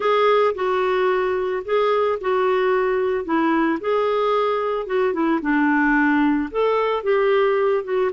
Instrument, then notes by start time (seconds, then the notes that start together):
clarinet
0.00 G#4
0.55 F#4
1.64 G#4
2.20 F#4
3.24 E4
3.80 G#4
4.86 F#4
5.13 E4
5.41 D4
6.50 A4
7.03 G4
7.84 F#4